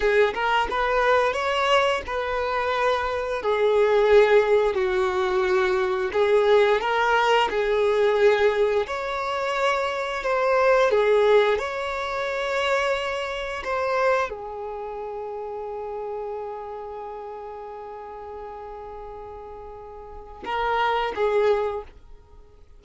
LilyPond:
\new Staff \with { instrumentName = "violin" } { \time 4/4 \tempo 4 = 88 gis'8 ais'8 b'4 cis''4 b'4~ | b'4 gis'2 fis'4~ | fis'4 gis'4 ais'4 gis'4~ | gis'4 cis''2 c''4 |
gis'4 cis''2. | c''4 gis'2.~ | gis'1~ | gis'2 ais'4 gis'4 | }